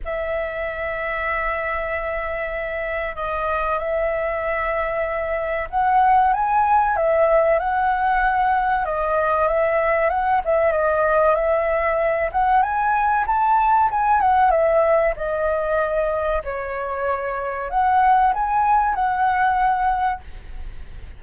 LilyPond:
\new Staff \with { instrumentName = "flute" } { \time 4/4 \tempo 4 = 95 e''1~ | e''4 dis''4 e''2~ | e''4 fis''4 gis''4 e''4 | fis''2 dis''4 e''4 |
fis''8 e''8 dis''4 e''4. fis''8 | gis''4 a''4 gis''8 fis''8 e''4 | dis''2 cis''2 | fis''4 gis''4 fis''2 | }